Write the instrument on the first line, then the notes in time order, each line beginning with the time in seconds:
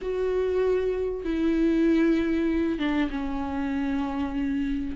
viola
0.01 F#4
1.24 E4
2.78 D4
3.10 C#4